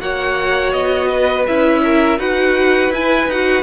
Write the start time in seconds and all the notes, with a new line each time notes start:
0.00 A#3 F#4 C#5 F#5
0.73 B3 D#5
1.09 B4
1.47 C#4 E4 E5
1.84 A#4
2.18 D#4 F#4 B4 F#5
2.90 E4 G#5
3.26 D#4 F#4 F#5